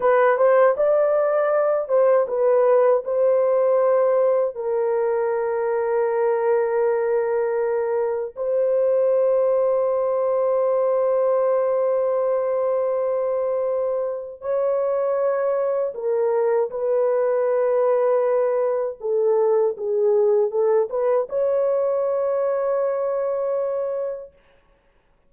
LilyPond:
\new Staff \with { instrumentName = "horn" } { \time 4/4 \tempo 4 = 79 b'8 c''8 d''4. c''8 b'4 | c''2 ais'2~ | ais'2. c''4~ | c''1~ |
c''2. cis''4~ | cis''4 ais'4 b'2~ | b'4 a'4 gis'4 a'8 b'8 | cis''1 | }